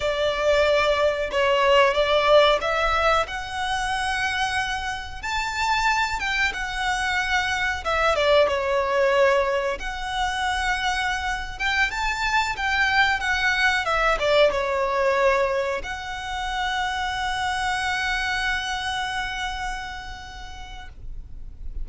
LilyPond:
\new Staff \with { instrumentName = "violin" } { \time 4/4 \tempo 4 = 92 d''2 cis''4 d''4 | e''4 fis''2. | a''4. g''8 fis''2 | e''8 d''8 cis''2 fis''4~ |
fis''4.~ fis''16 g''8 a''4 g''8.~ | g''16 fis''4 e''8 d''8 cis''4.~ cis''16~ | cis''16 fis''2.~ fis''8.~ | fis''1 | }